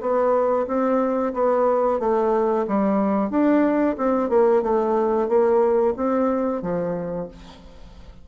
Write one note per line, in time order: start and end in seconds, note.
0.00 0.66 B3
0.67 1.32 C4
1.33 1.99 B3
1.99 2.65 A3
2.67 3.30 G3
3.30 3.96 D4
3.97 4.29 C4
4.29 4.62 A#3
4.62 5.28 A3
5.28 5.94 A#3
5.96 6.61 C4
6.61 7.27 F3